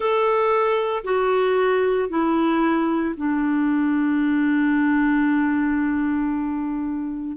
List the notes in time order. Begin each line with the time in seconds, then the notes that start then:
0.00 A4
1.04 F#4
2.09 E4
3.16 D4